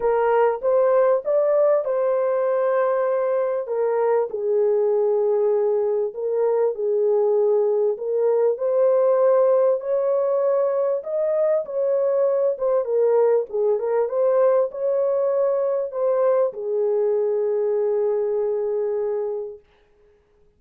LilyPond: \new Staff \with { instrumentName = "horn" } { \time 4/4 \tempo 4 = 98 ais'4 c''4 d''4 c''4~ | c''2 ais'4 gis'4~ | gis'2 ais'4 gis'4~ | gis'4 ais'4 c''2 |
cis''2 dis''4 cis''4~ | cis''8 c''8 ais'4 gis'8 ais'8 c''4 | cis''2 c''4 gis'4~ | gis'1 | }